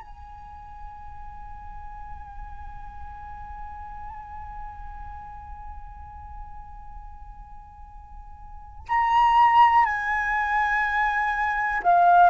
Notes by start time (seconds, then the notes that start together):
0.00 G#5
8.88 A#5
9.85 G#5
11.83 F5